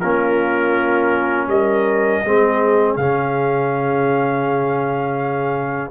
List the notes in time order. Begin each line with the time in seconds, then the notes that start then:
0.00 A#3 C#4 F4 A#4
1.48 G3 A#4 D#5
2.25 G#3 C4 G#4
2.96 C#3 C#4 F5